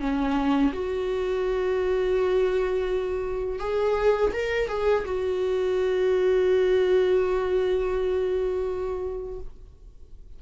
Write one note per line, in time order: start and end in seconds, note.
0.00 0.72 C#4
0.73 3.59 F#4
3.59 4.32 G#4
4.33 4.69 A#4
4.69 5.05 G#4
5.05 9.39 F#4